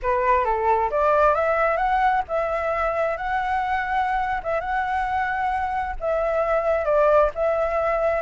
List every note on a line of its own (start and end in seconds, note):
0.02 0.44 B4
0.44 0.90 A4
0.90 1.35 D5
1.35 1.76 E5
1.76 2.21 F#5
2.28 3.17 E5
3.17 4.41 F#5
4.43 4.60 E5
4.60 5.95 F#5
6.00 6.85 E5
6.85 7.30 D5
7.34 8.22 E5